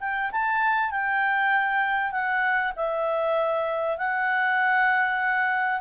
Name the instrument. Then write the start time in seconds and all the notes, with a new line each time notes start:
clarinet
0.00 G5
0.32 A5
0.91 G5
2.12 F#5
2.76 E5
3.98 F#5